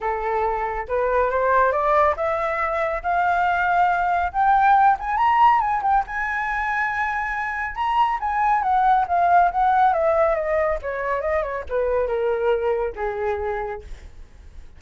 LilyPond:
\new Staff \with { instrumentName = "flute" } { \time 4/4 \tempo 4 = 139 a'2 b'4 c''4 | d''4 e''2 f''4~ | f''2 g''4. gis''8 | ais''4 gis''8 g''8 gis''2~ |
gis''2 ais''4 gis''4 | fis''4 f''4 fis''4 e''4 | dis''4 cis''4 dis''8 cis''8 b'4 | ais'2 gis'2 | }